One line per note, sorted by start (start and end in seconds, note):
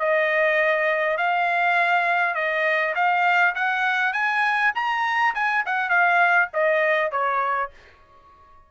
0.00 1.18 D#5
1.18 2.35 F5
2.35 2.95 D#5
2.96 3.55 F5
3.56 4.13 F#5
4.13 4.73 G#5
4.76 5.35 A#5
5.35 5.65 G#5
5.67 5.90 F#5
5.90 6.49 F5
6.54 7.12 D#5
7.12 7.71 C#5